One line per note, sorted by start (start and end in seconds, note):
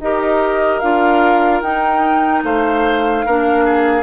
0.00 0.81 D#4
0.00 0.82 G4
0.00 2.45 A#4
0.00 0.80 D#5
0.80 1.62 D4
0.80 1.64 F4
0.80 1.61 F5
1.62 2.43 D#4
1.62 3.27 D#4
1.62 2.43 G5
2.44 3.25 A3
2.44 3.26 C5
2.44 4.03 F5
3.26 4.03 A#3
3.26 4.03 D4
3.26 3.65 A#4
3.65 4.03 G#4